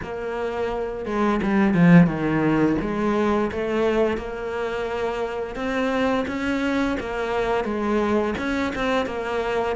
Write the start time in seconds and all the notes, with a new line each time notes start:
0.02 A#3
1.05 G#3
1.42 G3
1.74 F3
2.06 D#3
2.81 G#3
3.51 A3
4.17 A#3
5.55 C4
6.27 C#4
7.00 A#3
7.64 G#3
8.38 C#4
8.75 C4
9.06 A#3